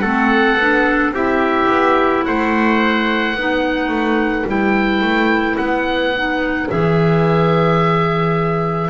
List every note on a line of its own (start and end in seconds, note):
0.00 0.57 A3
0.00 0.59 C4
0.00 1.13 A4
0.00 1.11 F#5
0.57 1.11 B3
0.57 1.14 D4
1.11 1.66 C4
1.11 3.36 E4
1.11 2.25 G4
1.11 2.25 E5
1.68 2.23 B3
2.25 3.34 A3
2.25 3.36 C5
2.25 4.47 F#5
3.34 3.89 B3
3.34 4.47 D#4
3.34 8.90 B4
3.89 4.44 A3
4.46 5.02 G3
4.46 6.14 E4
4.46 5.57 G5
5.02 5.57 A3
5.57 6.69 B3
5.57 6.68 F#5
6.16 6.69 D#4
6.69 8.90 E3
6.69 8.90 G#4
6.69 8.90 E5